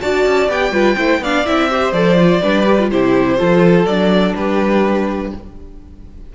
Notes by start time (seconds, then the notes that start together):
0.00 D4 F#4 D5 A5
0.25 C#4
0.48 B3 G4 G5
0.71 G3 F4 B4
0.96 A3 E4 C5
1.19 B3 D4 D5 F5
1.45 C4 E4 E5
1.70 G4 C5
1.92 F3 A4 D5
2.17 F4
2.42 G3 D4 B4
2.65 G4
2.79 F4
2.91 C3 E4 G4 C5
3.37 F3 F4 A4
3.85 F#3 D4 D5
4.35 G3 G4 B4